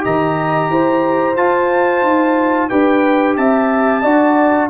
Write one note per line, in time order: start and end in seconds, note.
0.00 0.69 D#3
0.00 1.33 G4
0.00 0.70 D#5
0.00 1.36 A#5
0.69 1.36 E4
0.69 2.70 C5
1.36 2.02 F4
1.36 2.70 F4
1.36 2.69 A5
2.02 2.68 D#4
2.69 3.37 D4
2.69 4.03 G4
2.69 3.37 B4
2.69 3.36 G5
3.37 4.04 C4
3.37 4.02 E5
3.37 4.69 A5
4.02 4.69 D4
4.02 4.69 F#4
4.02 4.69 D5